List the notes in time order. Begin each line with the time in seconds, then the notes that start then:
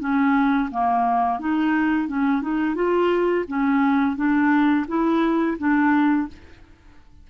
0.00 C#4
0.71 A#3
1.40 D#4
2.08 C#4
2.42 D#4
2.76 F4
3.48 C#4
4.16 D4
4.88 E4
5.58 D4